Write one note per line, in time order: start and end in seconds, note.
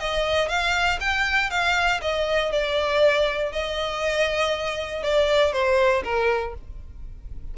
0.00 0.49 D#5
0.49 0.99 F5
1.00 1.51 G5
1.51 2.01 F5
2.01 2.52 D#5
2.52 3.52 D5
3.52 5.03 D#5
5.03 5.53 D5
5.53 6.03 C5
6.04 6.54 A#4